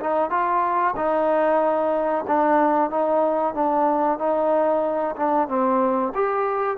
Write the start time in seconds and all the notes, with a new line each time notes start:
0.00 D#4
0.30 F4
0.96 D#4
2.27 D4
2.90 D#4
3.54 D4
4.18 D#4
5.16 D4
5.48 C4
6.15 G4